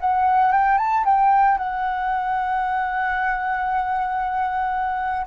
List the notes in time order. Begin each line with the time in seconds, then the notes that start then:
0.00 F#5
0.52 G5
0.78 A5
1.05 G5
1.58 F#5